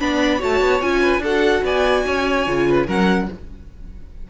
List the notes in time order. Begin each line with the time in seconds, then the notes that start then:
0.00 B3 D4 D5 B5
0.39 A3 F#4 C#5 A5
0.61 B3
0.81 C#4 F4 G#5
1.01 B4
1.19 D4 A4
1.25 F#4 F#5
1.64 B3 D5 G#5
2.06 C#4 C#5
2.47 C#3 F4
2.69 B4
2.87 F#3 C#4 A#4 F#5